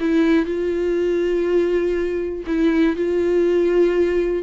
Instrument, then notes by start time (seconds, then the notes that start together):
viola
0.00 E4
0.46 F4
2.46 E4
2.96 F4